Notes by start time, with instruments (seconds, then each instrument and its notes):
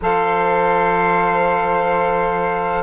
0.01 bassoon F3, saxophone A4, flute C5, trumpet F5